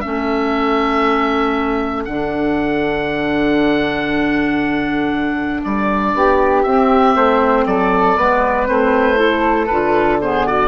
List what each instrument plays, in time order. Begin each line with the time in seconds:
0.00 bassoon A3, clarinet C#4, flute A4, oboe E5
2.04 bassoon D3, clarinet D4, oboe F#5
5.64 bassoon G3, oboe D5
6.14 bassoon B3, flute G4
6.62 bassoon C4, clarinet C4, oboe E5
7.15 bassoon A3, flute C5
7.66 bassoon F#3, flute A4, oboe D5
8.16 bassoon G#3, clarinet B3, flute B4
8.66 bassoon A3, clarinet C4, oboe C5
9.15 clarinet E4, flute A4
9.66 bassoon D3, clarinet F4, oboe B4
10.21 clarinet B3, flute G#4, oboe C5
10.46 flute F#4, oboe D5